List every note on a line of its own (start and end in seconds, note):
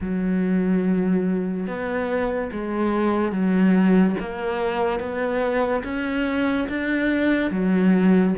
0.00 1.67 F#3
1.67 2.50 B3
2.52 3.32 G#3
3.32 4.15 F#3
4.19 4.99 A#3
4.99 5.83 B3
5.84 6.67 C#4
6.68 7.50 D4
7.50 8.34 F#3